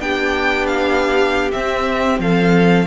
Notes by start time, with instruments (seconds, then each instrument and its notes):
0.00 cello B3, viola D4, violin G4 G5
0.67 violin F5
1.52 viola C4, cello C4, violin E5
2.19 cello F3, violin A4 F5